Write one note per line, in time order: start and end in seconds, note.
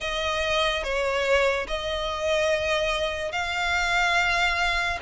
0.00 0.83 D#5
0.83 1.67 C#5
1.67 3.31 D#5
3.31 4.98 F5